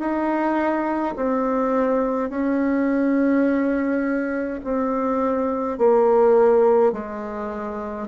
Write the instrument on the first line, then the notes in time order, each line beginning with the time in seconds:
bassoon
0.00 D#4
1.16 C4
2.30 C#4
4.65 C4
5.78 A#3
6.93 G#3